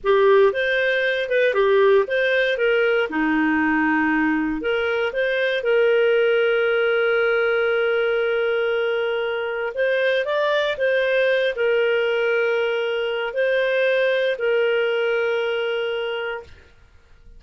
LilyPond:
\new Staff \with { instrumentName = "clarinet" } { \time 4/4 \tempo 4 = 117 g'4 c''4. b'8 g'4 | c''4 ais'4 dis'2~ | dis'4 ais'4 c''4 ais'4~ | ais'1~ |
ais'2. c''4 | d''4 c''4. ais'4.~ | ais'2 c''2 | ais'1 | }